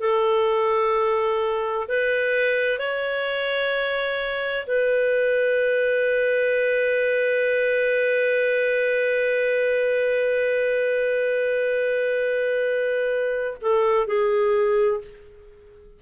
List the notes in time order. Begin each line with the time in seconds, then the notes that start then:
0.00 A4
1.88 B4
2.78 C#5
4.67 B4
13.61 A4
14.07 G#4